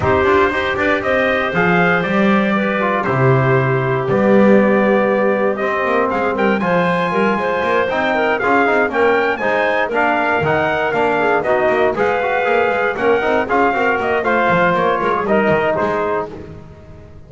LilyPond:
<<
  \new Staff \with { instrumentName = "trumpet" } { \time 4/4 \tempo 4 = 118 c''4. d''8 dis''4 f''4 | d''2 c''2 | d''2. dis''4 | f''8 g''8 gis''2~ gis''8 g''8~ |
g''8 f''4 g''4 gis''4 f''8~ | f''8 fis''4 f''4 dis''4 f''8~ | f''4. fis''4 f''4 dis''8 | f''4 cis''4 dis''4 c''4 | }
  \new Staff \with { instrumentName = "clarinet" } { \time 4/4 g'4 c''8 b'8 c''2~ | c''4 b'4 g'2~ | g'1 | gis'8 ais'8 c''4 ais'8 c''4. |
ais'8 gis'4 ais'4 c''4 ais'8~ | ais'2 gis'8 fis'4 b'8~ | b'4. ais'4 gis'8 ais'4 | c''4. ais'16 gis'16 ais'4 gis'4 | }
  \new Staff \with { instrumentName = "trombone" } { \time 4/4 dis'8 f'8 g'2 gis'4 | g'4. f'8 e'2 | b2. c'4~ | c'4 f'2~ f'8 dis'8~ |
dis'8 f'8 dis'8 cis'4 dis'4 d'8~ | d'8 dis'4 d'4 dis'4 gis'8 | fis'8 gis'4 cis'8 dis'8 f'8 fis'4 | f'2 dis'2 | }
  \new Staff \with { instrumentName = "double bass" } { \time 4/4 c'8 d'8 dis'8 d'8 c'4 f4 | g2 c2 | g2. c'8 ais8 | gis8 g8 f4 g8 gis8 ais8 c'8~ |
c'8 cis'8 c'8 ais4 gis4 ais8~ | ais8 dis4 ais4 b8 ais8 gis8~ | gis8 ais8 gis8 ais8 c'8 cis'8 c'8 ais8 | a8 f8 ais8 gis8 g8 dis8 gis4 | }
>>